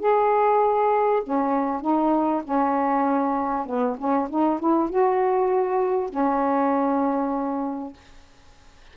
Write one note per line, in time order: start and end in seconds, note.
0.00 1.22 G#4
1.24 1.81 C#4
1.81 2.43 D#4
2.44 3.66 C#4
3.66 3.97 B3
3.98 4.29 C#4
4.30 4.60 D#4
4.60 4.90 E4
4.90 6.10 F#4
6.10 7.93 C#4